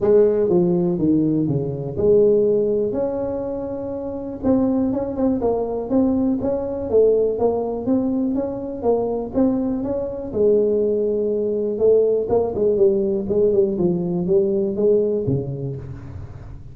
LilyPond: \new Staff \with { instrumentName = "tuba" } { \time 4/4 \tempo 4 = 122 gis4 f4 dis4 cis4 | gis2 cis'2~ | cis'4 c'4 cis'8 c'8 ais4 | c'4 cis'4 a4 ais4 |
c'4 cis'4 ais4 c'4 | cis'4 gis2. | a4 ais8 gis8 g4 gis8 g8 | f4 g4 gis4 cis4 | }